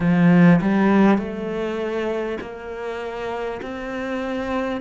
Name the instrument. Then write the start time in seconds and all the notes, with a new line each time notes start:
cello
0.00 F3
0.61 G3
1.18 A3
2.41 A#3
3.62 C4